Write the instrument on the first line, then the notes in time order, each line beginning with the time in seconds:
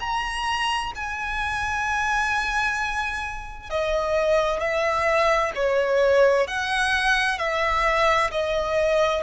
violin
0.00 A#5
0.95 G#5
3.70 D#5
4.60 E5
5.55 C#5
6.47 F#5
7.38 E5
8.31 D#5